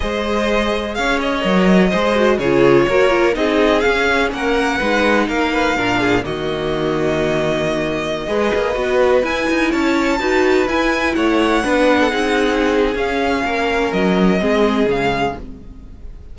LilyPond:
<<
  \new Staff \with { instrumentName = "violin" } { \time 4/4 \tempo 4 = 125 dis''2 f''8 dis''4.~ | dis''4 cis''2 dis''4 | f''4 fis''2 f''4~ | f''4 dis''2.~ |
dis''2.~ dis''16 gis''8.~ | gis''16 a''2 gis''4 fis''8.~ | fis''2. f''4~ | f''4 dis''2 f''4 | }
  \new Staff \with { instrumentName = "violin" } { \time 4/4 c''2 cis''2 | c''4 gis'4 ais'4 gis'4~ | gis'4 ais'4 b'4 ais'8 b'8 | ais'8 gis'8 fis'2.~ |
fis'4~ fis'16 b'2~ b'8.~ | b'16 cis''4 b'2 cis''8.~ | cis''16 b'8. a'16 gis'2~ gis'8. | ais'2 gis'2 | }
  \new Staff \with { instrumentName = "viola" } { \time 4/4 gis'2. ais'4 | gis'8 fis'8 f'4 fis'8 f'8 dis'4 | cis'2 dis'2 | d'4 ais2.~ |
ais4~ ais16 gis'4 fis'4 e'8.~ | e'4~ e'16 fis'4 e'4.~ e'16~ | e'16 d'4 dis'4.~ dis'16 cis'4~ | cis'2 c'4 gis4 | }
  \new Staff \with { instrumentName = "cello" } { \time 4/4 gis2 cis'4 fis4 | gis4 cis4 ais4 c'4 | cis'4 ais4 gis4 ais4 | ais,4 dis2.~ |
dis4~ dis16 gis8 ais8 b4 e'8 dis'16~ | dis'16 cis'4 dis'4 e'4 a8.~ | a16 b4 c'4.~ c'16 cis'4 | ais4 fis4 gis4 cis4 | }
>>